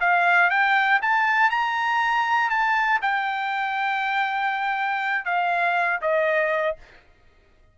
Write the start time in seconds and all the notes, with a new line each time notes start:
0.00 F5
0.50 G5
1.02 A5
1.50 A#5
2.50 A5
3.02 G5
5.25 F5
6.01 D#5